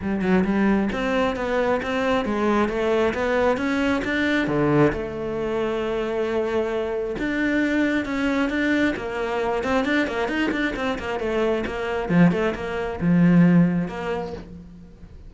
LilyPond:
\new Staff \with { instrumentName = "cello" } { \time 4/4 \tempo 4 = 134 g8 fis8 g4 c'4 b4 | c'4 gis4 a4 b4 | cis'4 d'4 d4 a4~ | a1 |
d'2 cis'4 d'4 | ais4. c'8 d'8 ais8 dis'8 d'8 | c'8 ais8 a4 ais4 f8 a8 | ais4 f2 ais4 | }